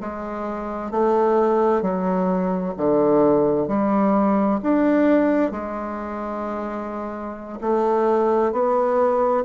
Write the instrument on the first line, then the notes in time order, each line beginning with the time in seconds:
bassoon
0.00 G#3
0.91 A3
1.81 F#3
2.77 D3
3.68 G3
4.63 D4
5.51 G#3
7.61 A3
8.52 B3